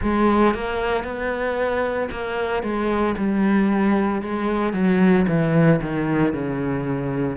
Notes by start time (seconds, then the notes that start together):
0.02 G#3
0.54 A#3
1.04 B3
2.11 A#3
2.62 G#3
3.17 G3
4.22 G#3
4.73 F#3
5.27 E3
5.81 D#3
6.33 C#3